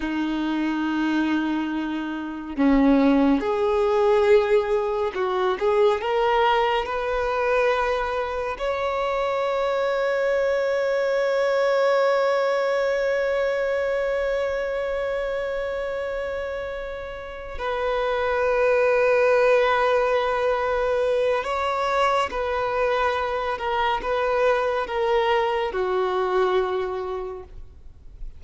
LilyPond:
\new Staff \with { instrumentName = "violin" } { \time 4/4 \tempo 4 = 70 dis'2. cis'4 | gis'2 fis'8 gis'8 ais'4 | b'2 cis''2~ | cis''1~ |
cis''1~ | cis''8 b'2.~ b'8~ | b'4 cis''4 b'4. ais'8 | b'4 ais'4 fis'2 | }